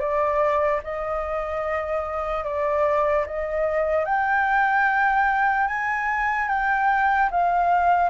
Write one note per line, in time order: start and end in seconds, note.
0.00 0.81 D5
0.84 2.44 D#5
2.44 3.25 D5
3.27 4.05 D#5
4.05 5.68 G5
5.68 6.48 G#5
6.48 7.29 G5
7.31 8.10 F5